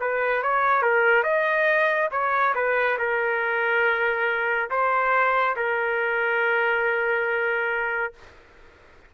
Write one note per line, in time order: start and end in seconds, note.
0.00 0.42 B4
0.42 0.82 C#5
0.82 1.23 A#4
1.23 2.09 D#5
2.11 2.54 C#5
2.55 2.98 B4
2.98 4.69 A#4
4.70 5.56 C5
5.56 8.13 A#4